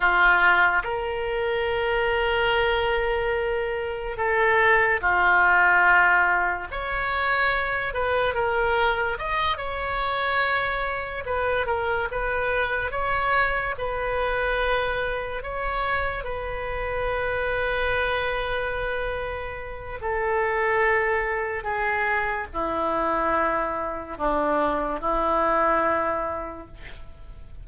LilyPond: \new Staff \with { instrumentName = "oboe" } { \time 4/4 \tempo 4 = 72 f'4 ais'2.~ | ais'4 a'4 f'2 | cis''4. b'8 ais'4 dis''8 cis''8~ | cis''4. b'8 ais'8 b'4 cis''8~ |
cis''8 b'2 cis''4 b'8~ | b'1 | a'2 gis'4 e'4~ | e'4 d'4 e'2 | }